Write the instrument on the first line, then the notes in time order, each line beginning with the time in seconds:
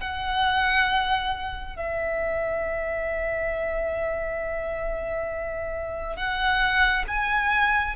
violin
0.00 F#5
1.76 E5
6.16 F#5
7.07 G#5